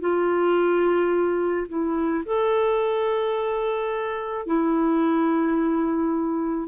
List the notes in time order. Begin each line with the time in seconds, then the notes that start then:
0.00 F4
1.68 E4
2.25 A4
4.46 E4